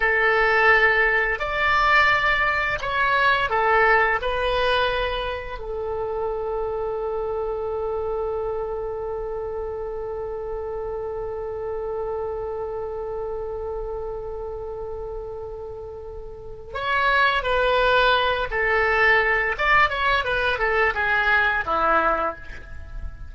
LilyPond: \new Staff \with { instrumentName = "oboe" } { \time 4/4 \tempo 4 = 86 a'2 d''2 | cis''4 a'4 b'2 | a'1~ | a'1~ |
a'1~ | a'1 | cis''4 b'4. a'4. | d''8 cis''8 b'8 a'8 gis'4 e'4 | }